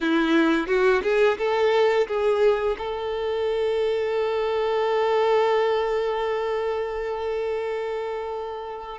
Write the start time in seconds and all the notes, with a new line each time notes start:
0.00 E4
0.67 F#4
1.03 G#4
1.38 A4
2.07 G#4
2.77 A4